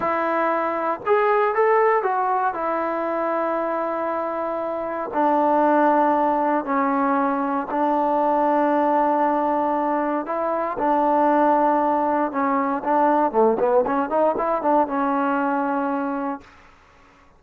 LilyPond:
\new Staff \with { instrumentName = "trombone" } { \time 4/4 \tempo 4 = 117 e'2 gis'4 a'4 | fis'4 e'2.~ | e'2 d'2~ | d'4 cis'2 d'4~ |
d'1 | e'4 d'2. | cis'4 d'4 a8 b8 cis'8 dis'8 | e'8 d'8 cis'2. | }